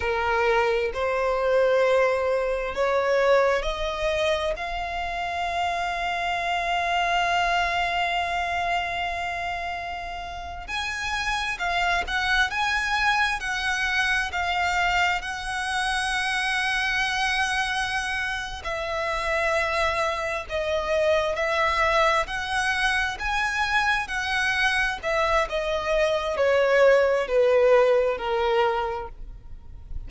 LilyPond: \new Staff \with { instrumentName = "violin" } { \time 4/4 \tempo 4 = 66 ais'4 c''2 cis''4 | dis''4 f''2.~ | f''2.~ f''8. gis''16~ | gis''8. f''8 fis''8 gis''4 fis''4 f''16~ |
f''8. fis''2.~ fis''16~ | fis''8 e''2 dis''4 e''8~ | e''8 fis''4 gis''4 fis''4 e''8 | dis''4 cis''4 b'4 ais'4 | }